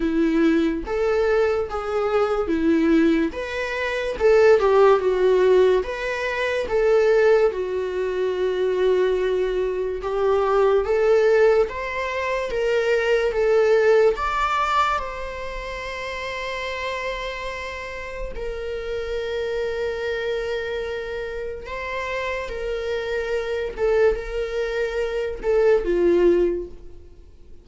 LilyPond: \new Staff \with { instrumentName = "viola" } { \time 4/4 \tempo 4 = 72 e'4 a'4 gis'4 e'4 | b'4 a'8 g'8 fis'4 b'4 | a'4 fis'2. | g'4 a'4 c''4 ais'4 |
a'4 d''4 c''2~ | c''2 ais'2~ | ais'2 c''4 ais'4~ | ais'8 a'8 ais'4. a'8 f'4 | }